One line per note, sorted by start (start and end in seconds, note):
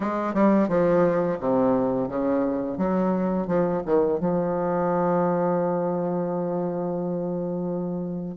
0.00 0.33 G#3
0.33 0.68 G3
0.68 1.38 F3
1.40 2.08 C3
2.08 2.77 C#3
2.77 3.47 F#3
3.47 3.82 F3
3.85 4.20 D#3
4.20 8.37 F3